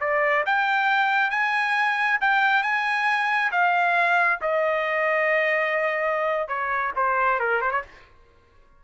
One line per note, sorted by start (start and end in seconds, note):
0.00 0.44 D5
0.46 1.30 G5
1.30 2.18 G#5
2.20 2.62 G5
2.62 3.51 G#5
3.51 4.40 F5
4.41 6.48 D#5
6.48 6.92 C#5
6.96 7.39 C5
7.39 7.61 A#4
7.61 7.71 C5
7.71 7.82 C#5